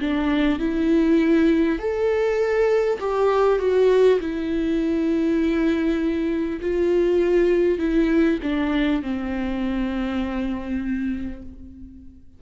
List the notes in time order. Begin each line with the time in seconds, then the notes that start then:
0.00 D4
0.59 E4
1.79 A4
3.00 G4
3.59 F#4
4.21 E4
6.61 F4
7.78 E4
8.43 D4
9.02 C4